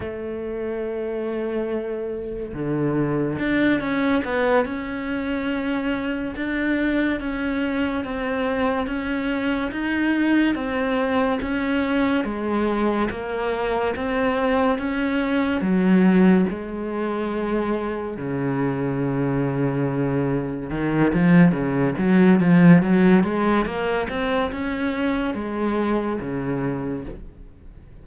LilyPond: \new Staff \with { instrumentName = "cello" } { \time 4/4 \tempo 4 = 71 a2. d4 | d'8 cis'8 b8 cis'2 d'8~ | d'8 cis'4 c'4 cis'4 dis'8~ | dis'8 c'4 cis'4 gis4 ais8~ |
ais8 c'4 cis'4 fis4 gis8~ | gis4. cis2~ cis8~ | cis8 dis8 f8 cis8 fis8 f8 fis8 gis8 | ais8 c'8 cis'4 gis4 cis4 | }